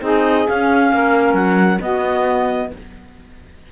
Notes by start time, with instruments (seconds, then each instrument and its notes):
0.00 cello C4, clarinet D#4 D#5, saxophone G#4
0.48 clarinet C#4 F5, cello C#4
0.92 cello A#3, saxophone A#4
1.34 cello F#3, clarinet F#5
1.80 clarinet B3 D#5, cello B3, saxophone F#4